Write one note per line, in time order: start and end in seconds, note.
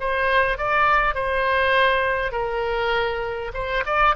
0.00 0.57 C5
0.57 1.14 D5
1.14 2.32 C5
2.32 3.52 A#4
3.53 3.83 C5
3.85 4.15 D5